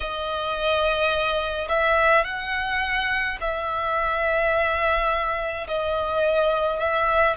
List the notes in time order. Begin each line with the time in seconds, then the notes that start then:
0.00 D#5
1.68 E5
2.24 F#5
3.40 E5
5.67 D#5
6.79 E5